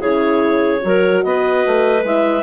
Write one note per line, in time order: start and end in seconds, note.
0.00 0.82 C#3
0.00 0.80 E4
0.00 0.82 G#4
0.00 1.23 C#5
0.80 1.24 F#3
0.80 2.03 F#4
0.80 1.26 A#4
1.23 1.65 B3
1.23 2.43 B4
1.23 2.04 D#5
1.66 2.04 A3
2.04 2.43 G#3
2.04 2.43 E4
2.04 2.43 E5